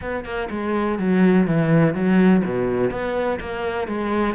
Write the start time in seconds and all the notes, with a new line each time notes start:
0.01 B3
0.24 A#3
0.50 G#3
0.99 F#3
1.47 E3
1.94 F#3
2.44 B2
2.90 B3
3.39 A#3
3.87 G#3